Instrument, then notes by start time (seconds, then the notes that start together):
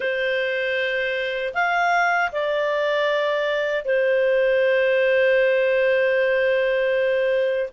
clarinet
0.00 C5
1.54 F5
2.31 D5
3.85 C5